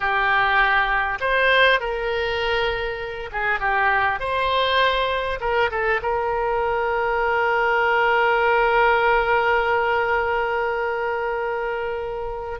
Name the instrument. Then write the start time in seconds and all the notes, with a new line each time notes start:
oboe
0.00 G4
1.20 C5
1.79 A#4
3.31 G#4
3.59 G4
4.19 C5
5.40 A#4
5.70 A4
6.02 A#4